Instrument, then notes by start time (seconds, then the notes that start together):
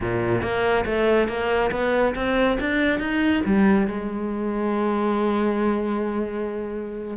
cello
0.00 A#2
0.42 A#3
0.85 A3
1.28 A#3
1.71 B3
2.15 C4
2.60 D4
2.99 D#4
3.45 G3
3.87 G#3